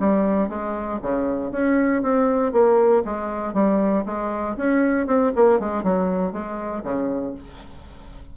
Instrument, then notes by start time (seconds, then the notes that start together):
bassoon
0.00 G3
0.49 G#3
1.03 C#3
1.52 C#4
2.03 C4
2.53 A#3
3.05 G#3
3.54 G3
4.06 G#3
4.57 C#4
5.07 C4
5.36 A#3
5.60 G#3
5.83 F#3
6.33 G#3
6.84 C#3